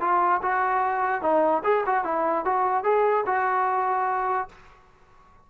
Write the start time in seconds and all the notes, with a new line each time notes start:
0.00 F4
0.42 F#4
1.22 D#4
1.64 G#4
1.86 F#4
2.04 E4
2.45 F#4
2.84 G#4
3.26 F#4